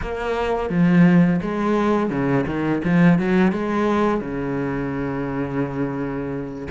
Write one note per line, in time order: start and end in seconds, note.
0.01 0.69 A#3
0.69 1.40 F3
1.41 2.10 G#3
2.10 2.45 C#3
2.46 2.81 D#3
2.84 3.19 F3
3.19 3.52 F#3
3.52 4.20 G#3
4.20 6.67 C#3